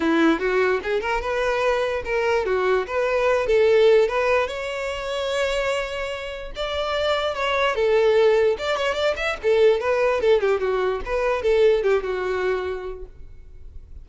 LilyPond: \new Staff \with { instrumentName = "violin" } { \time 4/4 \tempo 4 = 147 e'4 fis'4 gis'8 ais'8 b'4~ | b'4 ais'4 fis'4 b'4~ | b'8 a'4. b'4 cis''4~ | cis''1 |
d''2 cis''4 a'4~ | a'4 d''8 cis''8 d''8 e''8 a'4 | b'4 a'8 g'8 fis'4 b'4 | a'4 g'8 fis'2~ fis'8 | }